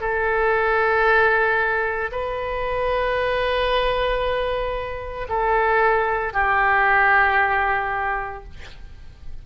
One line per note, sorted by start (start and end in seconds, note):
0.00 2.11 A4
2.11 5.27 B4
5.29 6.33 A4
6.33 8.44 G4